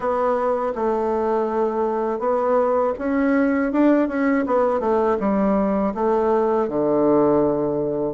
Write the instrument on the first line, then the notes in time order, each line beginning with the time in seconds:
bassoon
0.00 B3
0.75 A3
2.19 B3
2.98 C#4
3.72 D4
4.07 C#4
4.46 B3
4.80 A3
5.19 G3
5.94 A3
6.68 D3